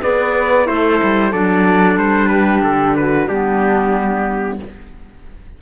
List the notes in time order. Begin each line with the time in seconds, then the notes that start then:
0.00 B3 G#4 B4 D5
0.66 A3 E4 A4 C5
1.03 G3
1.30 F#3 D4 A4 D5
1.96 G3 C5
2.28 G4 B4
2.62 D3 A4
2.96 F#4 B4
3.27 G3 B3 D4 G4